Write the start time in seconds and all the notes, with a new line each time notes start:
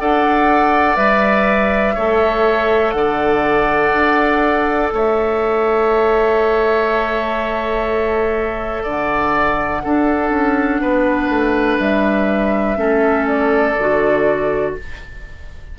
0.00 D4 A4 D5 F#5
0.96 G3 B4 E5
1.95 A3 A4 C#5
2.92 D3 D5 F#5
3.93 D4
4.93 A3 C#5 E5
8.83 D3 D5 F#5
9.84 D4 A4
10.31 C#4
10.82 B3 B4
11.29 A3
11.80 G3 E5
12.77 A3 C#4 A4
13.28 D5
13.78 D3 F#4